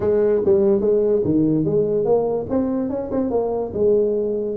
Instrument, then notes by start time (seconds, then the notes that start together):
tuba
0.00 G#3
0.45 G3
0.81 G#3
1.24 D#3
1.64 G#3
2.04 A#3
2.49 C4
2.89 C#4
3.11 C4
3.30 A#3
3.73 G#3